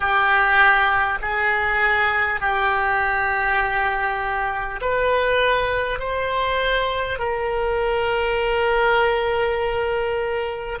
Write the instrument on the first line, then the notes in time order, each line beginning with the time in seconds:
oboe
0.00 G4
1.21 G#4
2.40 G4
4.81 B4
5.99 C5
7.18 A#4